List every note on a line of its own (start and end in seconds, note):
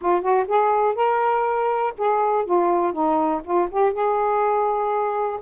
0.01 0.21 F4
0.21 0.46 F#4
0.47 0.95 G#4
0.95 1.93 A#4
1.97 2.45 G#4
2.45 2.92 F4
2.92 3.41 D#4
3.44 3.68 F4
3.70 3.92 G4
3.92 5.40 G#4